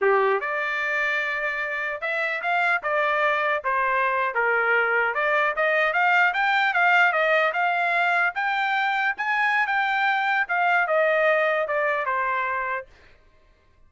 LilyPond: \new Staff \with { instrumentName = "trumpet" } { \time 4/4 \tempo 4 = 149 g'4 d''2.~ | d''4 e''4 f''4 d''4~ | d''4 c''4.~ c''16 ais'4~ ais'16~ | ais'8. d''4 dis''4 f''4 g''16~ |
g''8. f''4 dis''4 f''4~ f''16~ | f''8. g''2 gis''4~ gis''16 | g''2 f''4 dis''4~ | dis''4 d''4 c''2 | }